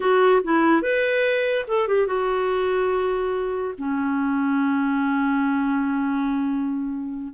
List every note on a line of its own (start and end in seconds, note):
0.00 0.42 F#4
0.43 0.81 E4
0.81 1.65 B4
1.67 1.87 A4
1.87 2.06 G4
2.06 3.74 F#4
3.78 7.33 C#4